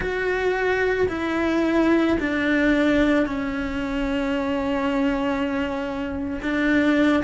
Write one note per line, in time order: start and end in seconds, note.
0.00 1.07 F#4
1.08 2.17 E4
2.19 3.26 D4
3.26 6.40 C#4
6.41 7.23 D4